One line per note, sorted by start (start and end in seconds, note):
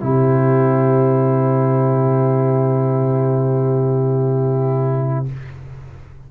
0.00 5.28 C3
0.00 5.26 E4
0.00 5.31 G4
0.00 5.27 C5